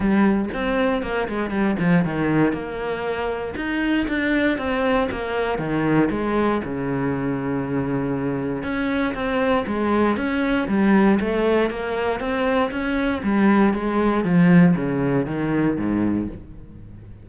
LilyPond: \new Staff \with { instrumentName = "cello" } { \time 4/4 \tempo 4 = 118 g4 c'4 ais8 gis8 g8 f8 | dis4 ais2 dis'4 | d'4 c'4 ais4 dis4 | gis4 cis2.~ |
cis4 cis'4 c'4 gis4 | cis'4 g4 a4 ais4 | c'4 cis'4 g4 gis4 | f4 cis4 dis4 gis,4 | }